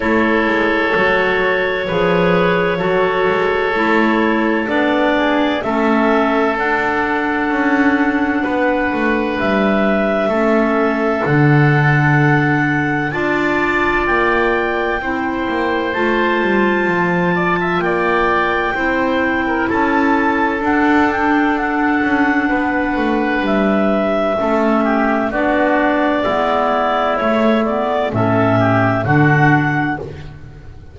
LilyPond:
<<
  \new Staff \with { instrumentName = "clarinet" } { \time 4/4 \tempo 4 = 64 cis''1~ | cis''4 d''4 e''4 fis''4~ | fis''2 e''2 | fis''2 a''4 g''4~ |
g''4 a''2 g''4~ | g''4 a''4 fis''8 g''8 fis''4~ | fis''4 e''2 d''4~ | d''4 cis''8 d''8 e''4 fis''4 | }
  \new Staff \with { instrumentName = "oboe" } { \time 4/4 a'2 b'4 a'4~ | a'4. gis'8 a'2~ | a'4 b'2 a'4~ | a'2 d''2 |
c''2~ c''8 d''16 e''16 d''4 | c''8. ais'16 a'2. | b'2 a'8 g'8 fis'4 | e'2 a'8 g'8 fis'4 | }
  \new Staff \with { instrumentName = "clarinet" } { \time 4/4 e'4 fis'4 gis'4 fis'4 | e'4 d'4 cis'4 d'4~ | d'2. cis'4 | d'2 f'2 |
e'4 f'2. | e'2 d'2~ | d'2 cis'4 d'4 | b4 a8 b8 cis'4 d'4 | }
  \new Staff \with { instrumentName = "double bass" } { \time 4/4 a8 gis8 fis4 f4 fis8 gis8 | a4 b4 a4 d'4 | cis'4 b8 a8 g4 a4 | d2 d'4 ais4 |
c'8 ais8 a8 g8 f4 ais4 | c'4 cis'4 d'4. cis'8 | b8 a8 g4 a4 b4 | gis4 a4 a,4 d4 | }
>>